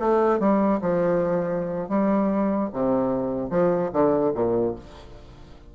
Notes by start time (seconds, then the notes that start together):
0.00 A3
0.40 G3
0.82 F3
1.89 G3
2.73 C3
3.51 F3
3.93 D3
4.35 A#2